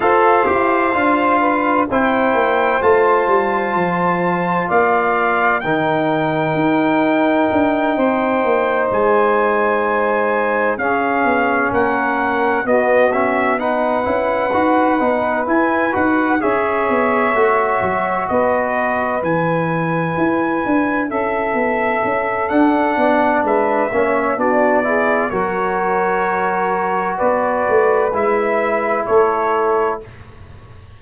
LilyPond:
<<
  \new Staff \with { instrumentName = "trumpet" } { \time 4/4 \tempo 4 = 64 f''2 g''4 a''4~ | a''4 f''4 g''2~ | g''4. gis''2 f''8~ | f''8 fis''4 dis''8 e''8 fis''4.~ |
fis''8 gis''8 fis''8 e''2 dis''8~ | dis''8 gis''2 e''4. | fis''4 e''4 d''4 cis''4~ | cis''4 d''4 e''4 cis''4 | }
  \new Staff \with { instrumentName = "saxophone" } { \time 4/4 c''4. b'8 c''2~ | c''4 d''4 ais'2~ | ais'8 c''2. gis'8~ | gis'8 ais'4 fis'4 b'4.~ |
b'4. cis''2 b'8~ | b'2~ b'8 a'4.~ | a'8 d''8 b'8 cis''8 fis'8 gis'8 ais'4~ | ais'4 b'2 a'4 | }
  \new Staff \with { instrumentName = "trombone" } { \time 4/4 a'8 g'8 f'4 e'4 f'4~ | f'2 dis'2~ | dis'2.~ dis'8 cis'8~ | cis'4. b8 cis'8 dis'8 e'8 fis'8 |
dis'8 e'8 fis'8 gis'4 fis'4.~ | fis'8 e'2.~ e'8 | d'4. cis'8 d'8 e'8 fis'4~ | fis'2 e'2 | }
  \new Staff \with { instrumentName = "tuba" } { \time 4/4 f'8 e'8 d'4 c'8 ais8 a8 g8 | f4 ais4 dis4 dis'4 | d'8 c'8 ais8 gis2 cis'8 | b8 ais4 b4. cis'8 dis'8 |
b8 e'8 dis'8 cis'8 b8 a8 fis8 b8~ | b8 e4 e'8 d'8 cis'8 b8 cis'8 | d'8 b8 gis8 ais8 b4 fis4~ | fis4 b8 a8 gis4 a4 | }
>>